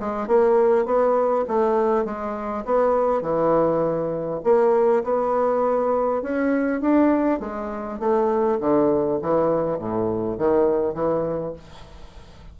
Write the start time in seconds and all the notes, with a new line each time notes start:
0.00 G#3
0.28 A#3
0.86 B3
1.48 A3
2.05 G#3
2.65 B3
3.22 E3
4.44 A#3
5.04 B3
6.23 C#4
6.82 D4
7.40 G#3
8.00 A3
8.61 D3
9.22 E3
9.79 A2
10.39 D#3
10.94 E3